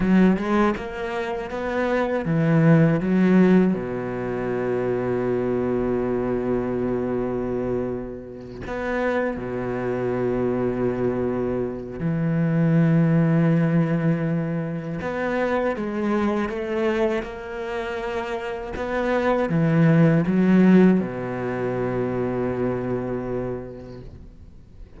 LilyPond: \new Staff \with { instrumentName = "cello" } { \time 4/4 \tempo 4 = 80 fis8 gis8 ais4 b4 e4 | fis4 b,2.~ | b,2.~ b,8 b8~ | b8 b,2.~ b,8 |
e1 | b4 gis4 a4 ais4~ | ais4 b4 e4 fis4 | b,1 | }